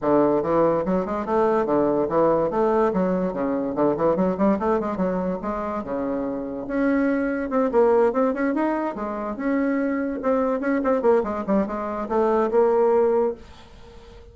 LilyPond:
\new Staff \with { instrumentName = "bassoon" } { \time 4/4 \tempo 4 = 144 d4 e4 fis8 gis8 a4 | d4 e4 a4 fis4 | cis4 d8 e8 fis8 g8 a8 gis8 | fis4 gis4 cis2 |
cis'2 c'8 ais4 c'8 | cis'8 dis'4 gis4 cis'4.~ | cis'8 c'4 cis'8 c'8 ais8 gis8 g8 | gis4 a4 ais2 | }